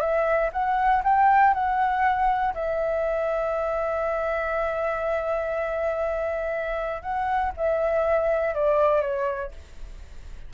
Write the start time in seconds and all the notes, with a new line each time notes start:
0.00 E5
0.52 F#5
1.03 G5
1.54 F#5
2.54 E5
7.02 F#5
7.57 E5
8.55 D5
9.01 C#5